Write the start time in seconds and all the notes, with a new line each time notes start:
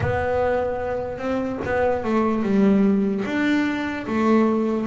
0.00 B3
1.18 C4
1.64 B3
2.03 A3
2.43 G3
3.25 D4
4.07 A3